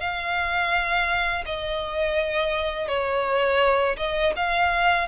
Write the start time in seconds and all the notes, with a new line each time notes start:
0.00 F5
1.46 D#5
2.88 C#5
3.97 D#5
4.36 F5